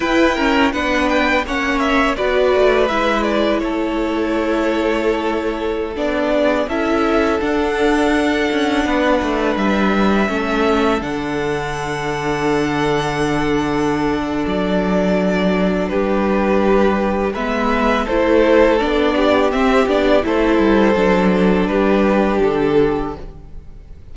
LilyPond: <<
  \new Staff \with { instrumentName = "violin" } { \time 4/4 \tempo 4 = 83 g''4 fis''8 g''8 fis''8 e''8 d''4 | e''8 d''8 cis''2.~ | cis''16 d''4 e''4 fis''4.~ fis''16~ | fis''4~ fis''16 e''2 fis''8.~ |
fis''1 | d''2 b'2 | e''4 c''4 d''4 e''8 d''8 | c''2 b'4 a'4 | }
  \new Staff \with { instrumentName = "violin" } { \time 4/4 b'8 ais'8 b'4 cis''4 b'4~ | b'4 a'2.~ | a'8. gis'8 a'2~ a'8.~ | a'16 b'2 a'4.~ a'16~ |
a'1~ | a'2 g'2 | b'4 a'4. g'4. | a'2 g'2 | }
  \new Staff \with { instrumentName = "viola" } { \time 4/4 e'8 cis'8 d'4 cis'4 fis'4 | e'1~ | e'16 d'4 e'4 d'4.~ d'16~ | d'2~ d'16 cis'4 d'8.~ |
d'1~ | d'1 | b4 e'4 d'4 c'8 d'8 | e'4 d'2. | }
  \new Staff \with { instrumentName = "cello" } { \time 4/4 e'4 b4 ais4 b8 a8 | gis4 a2.~ | a16 b4 cis'4 d'4. cis'16~ | cis'16 b8 a8 g4 a4 d8.~ |
d1 | fis2 g2 | gis4 a4 b4 c'8 b8 | a8 g8 fis4 g4 d4 | }
>>